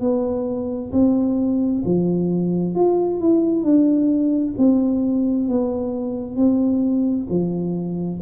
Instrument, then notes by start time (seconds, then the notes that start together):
tuba
0.00 B3
0.91 C4
1.85 F3
2.74 F4
3.20 E4
3.63 D4
4.57 C4
5.48 B3
6.36 C4
7.29 F3